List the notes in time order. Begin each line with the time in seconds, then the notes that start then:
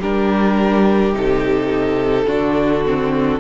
0.00 G3 D4 G4 A#4
1.14 C3 D#4 A4
2.26 D3 D4 F#4
2.86 C4